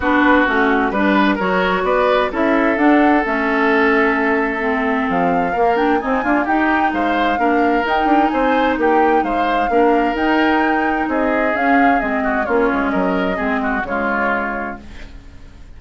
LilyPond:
<<
  \new Staff \with { instrumentName = "flute" } { \time 4/4 \tempo 4 = 130 b'4 fis'4 b'4 cis''4 | d''4 e''4 fis''4 e''4~ | e''2. f''4~ | f''8 g''8 gis''4 g''4 f''4~ |
f''4 g''4 gis''4 g''4 | f''2 g''2 | dis''4 f''4 dis''4 cis''4 | dis''2 cis''2 | }
  \new Staff \with { instrumentName = "oboe" } { \time 4/4 fis'2 b'4 ais'4 | b'4 a'2.~ | a'1 | ais'4 dis'8 f'8 g'4 c''4 |
ais'2 c''4 g'4 | c''4 ais'2. | gis'2~ gis'8 fis'8 f'4 | ais'4 gis'8 fis'8 f'2 | }
  \new Staff \with { instrumentName = "clarinet" } { \time 4/4 d'4 cis'4 d'4 fis'4~ | fis'4 e'4 d'4 cis'4~ | cis'2 c'2 | ais8 d'8 c'8 ais8 dis'2 |
d'4 dis'2.~ | dis'4 d'4 dis'2~ | dis'4 cis'4 c'4 cis'4~ | cis'4 c'4 gis2 | }
  \new Staff \with { instrumentName = "bassoon" } { \time 4/4 b4 a4 g4 fis4 | b4 cis'4 d'4 a4~ | a2. f4 | ais4 c'8 d'8 dis'4 gis4 |
ais4 dis'8 d'8 c'4 ais4 | gis4 ais4 dis'2 | c'4 cis'4 gis4 ais8 gis8 | fis4 gis4 cis2 | }
>>